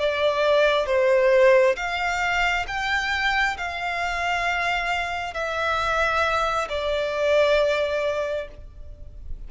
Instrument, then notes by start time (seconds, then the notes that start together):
violin
0.00 D5
0.87 C5
1.77 F5
2.68 G5
3.58 F5
5.34 E5
6.69 D5